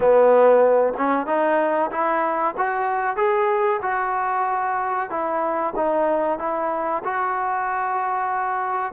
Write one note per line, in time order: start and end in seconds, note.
0.00 0.93 B3
0.97 1.26 C#4
1.26 1.90 D#4
1.91 2.54 E4
2.57 3.16 F#4
3.16 3.80 G#4
3.82 5.09 F#4
5.09 5.73 E4
5.76 6.38 D#4
6.38 7.02 E4
7.04 8.92 F#4